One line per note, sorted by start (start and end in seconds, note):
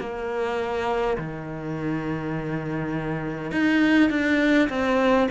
0.00 1.18 A#3
1.18 3.52 D#3
3.52 4.11 D#4
4.11 4.70 D4
4.70 5.28 C4